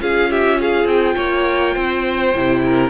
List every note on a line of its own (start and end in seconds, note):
0.00 0.84 C#4
0.00 2.33 F4
0.00 0.30 G#4
0.00 0.31 F5
0.30 0.59 G4
0.30 0.60 E5
0.61 1.16 G#4
0.61 0.87 F5
0.84 1.14 C4
0.84 2.90 G5
1.16 1.75 A#3
1.16 1.74 C#5
1.74 2.34 C4
1.74 2.61 C5
2.35 2.90 C3
2.35 2.90 E4
2.65 2.90 A#4